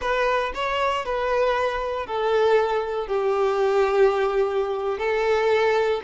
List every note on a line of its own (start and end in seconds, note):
0.01 0.52 B4
0.54 1.05 C#5
1.05 2.06 B4
2.06 3.07 A4
3.07 4.98 G4
4.98 6.01 A4